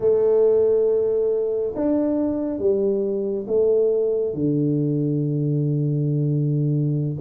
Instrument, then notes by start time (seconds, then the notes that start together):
tuba
0.00 A3
1.75 D4
2.58 G3
3.47 A3
4.34 D3